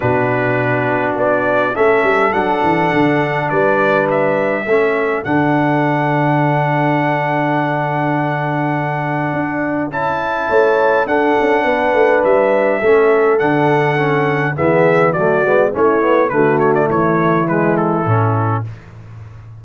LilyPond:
<<
  \new Staff \with { instrumentName = "trumpet" } { \time 4/4 \tempo 4 = 103 b'2 d''4 e''4 | fis''2 d''4 e''4~ | e''4 fis''2.~ | fis''1~ |
fis''4 a''2 fis''4~ | fis''4 e''2 fis''4~ | fis''4 e''4 d''4 cis''4 | b'8 cis''16 d''16 cis''4 b'8 a'4. | }
  \new Staff \with { instrumentName = "horn" } { \time 4/4 fis'2. a'4~ | a'2 b'2 | a'1~ | a'1~ |
a'2 cis''4 a'4 | b'2 a'2~ | a'4 gis'4 fis'4 e'4 | fis'4 e'2. | }
  \new Staff \with { instrumentName = "trombone" } { \time 4/4 d'2. cis'4 | d'1 | cis'4 d'2.~ | d'1~ |
d'4 e'2 d'4~ | d'2 cis'4 d'4 | cis'4 b4 a8 b8 cis'8 b8 | a2 gis4 cis'4 | }
  \new Staff \with { instrumentName = "tuba" } { \time 4/4 b,2 b4 a8 g8 | fis8 e8 d4 g2 | a4 d2.~ | d1 |
d'4 cis'4 a4 d'8 cis'8 | b8 a8 g4 a4 d4~ | d4 e4 fis8 gis8 a4 | d4 e2 a,4 | }
>>